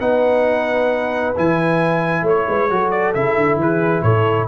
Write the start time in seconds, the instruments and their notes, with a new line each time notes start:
0.00 tuba B3, trombone D#4, horn B4, trumpet F#5
1.36 tuba E3, trombone E4, trumpet G#5
2.22 tuba A3, horn C#5, trumpet C#5
2.48 tuba G#3, horn B4
2.70 tuba F#3, trombone F#4, horn A4
2.91 trumpet D5
3.14 tuba C#3, trombone E4, trumpet E5
3.36 tuba D3
3.57 tuba E3, horn G#4, trumpet B4
4.03 tuba A2, horn A4, trumpet C#5